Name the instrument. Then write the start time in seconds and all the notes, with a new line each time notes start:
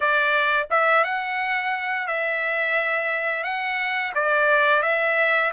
trumpet
0.00 D5
0.70 E5
1.03 F#5
2.07 E5
3.43 F#5
4.14 D5
4.82 E5